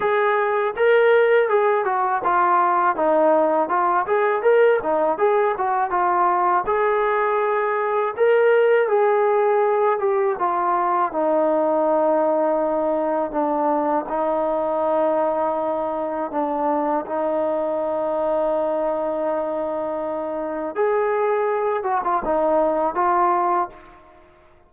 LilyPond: \new Staff \with { instrumentName = "trombone" } { \time 4/4 \tempo 4 = 81 gis'4 ais'4 gis'8 fis'8 f'4 | dis'4 f'8 gis'8 ais'8 dis'8 gis'8 fis'8 | f'4 gis'2 ais'4 | gis'4. g'8 f'4 dis'4~ |
dis'2 d'4 dis'4~ | dis'2 d'4 dis'4~ | dis'1 | gis'4. fis'16 f'16 dis'4 f'4 | }